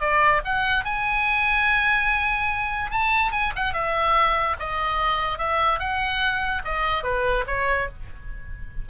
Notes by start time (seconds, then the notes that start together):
0.00 D5
0.45 F#5
0.85 G#5
2.91 A5
3.32 G#5
3.56 F#5
3.73 E5
4.59 D#5
5.38 E5
5.79 F#5
6.65 D#5
7.03 B4
7.47 C#5